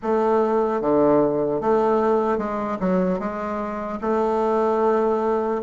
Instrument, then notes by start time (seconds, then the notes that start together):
bassoon
0.02 A3
0.81 D3
1.60 A3
2.37 G#3
2.80 F#3
3.19 G#3
4.01 A3